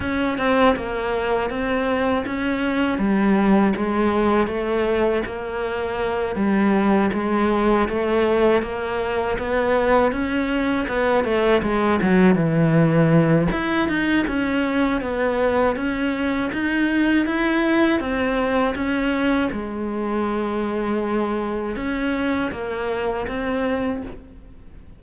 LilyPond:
\new Staff \with { instrumentName = "cello" } { \time 4/4 \tempo 4 = 80 cis'8 c'8 ais4 c'4 cis'4 | g4 gis4 a4 ais4~ | ais8 g4 gis4 a4 ais8~ | ais8 b4 cis'4 b8 a8 gis8 |
fis8 e4. e'8 dis'8 cis'4 | b4 cis'4 dis'4 e'4 | c'4 cis'4 gis2~ | gis4 cis'4 ais4 c'4 | }